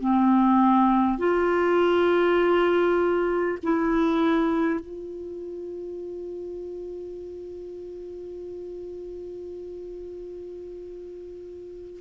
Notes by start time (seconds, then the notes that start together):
0.00 C4
1.18 F4
3.63 E4
4.79 F4